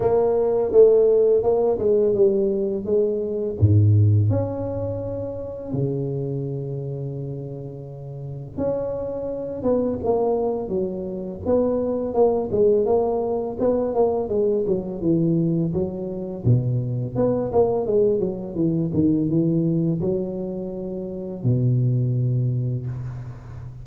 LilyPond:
\new Staff \with { instrumentName = "tuba" } { \time 4/4 \tempo 4 = 84 ais4 a4 ais8 gis8 g4 | gis4 gis,4 cis'2 | cis1 | cis'4. b8 ais4 fis4 |
b4 ais8 gis8 ais4 b8 ais8 | gis8 fis8 e4 fis4 b,4 | b8 ais8 gis8 fis8 e8 dis8 e4 | fis2 b,2 | }